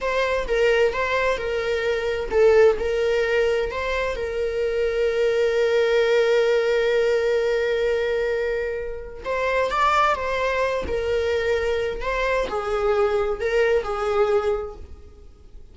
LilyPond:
\new Staff \with { instrumentName = "viola" } { \time 4/4 \tempo 4 = 130 c''4 ais'4 c''4 ais'4~ | ais'4 a'4 ais'2 | c''4 ais'2.~ | ais'1~ |
ais'1 | c''4 d''4 c''4. ais'8~ | ais'2 c''4 gis'4~ | gis'4 ais'4 gis'2 | }